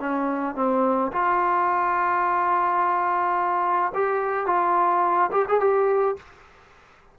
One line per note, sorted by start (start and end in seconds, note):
0.00 0.56 C#4
0.56 1.12 C4
1.12 3.93 F4
3.95 4.47 G4
4.47 5.31 F4
5.32 5.46 G4
5.49 5.61 G#4
5.61 6.17 G4